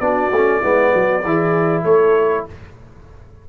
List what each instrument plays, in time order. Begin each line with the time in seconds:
0.00 tuba B3, trombone D4, horn F#4, trumpet D5
0.31 tuba A3, trombone C#4
0.61 tuba G#3, trombone B3, horn E4
0.93 tuba F#3, horn F#4
1.24 tuba E3, trombone E4, horn G#4
1.84 tuba A3, horn A4, trumpet C#5